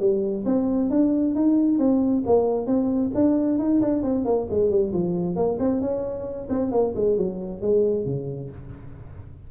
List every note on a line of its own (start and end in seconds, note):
0.00 0.45 G3
0.46 0.90 C4
0.90 1.35 D4
1.35 1.79 D#4
1.79 2.24 C4
2.26 2.67 A#3
2.67 3.12 C4
3.15 3.59 D4
3.59 3.81 D#4
3.81 4.03 D4
4.03 4.25 C4
4.25 4.48 A#3
4.50 4.70 G#3
4.70 4.93 G3
4.93 5.36 F3
5.36 5.58 A#3
5.59 5.81 C4
5.81 6.48 C#4
6.49 6.71 C4
6.71 6.94 A#3
6.96 7.17 G#3
7.17 7.61 F#3
7.61 8.06 G#3
8.06 8.50 C#3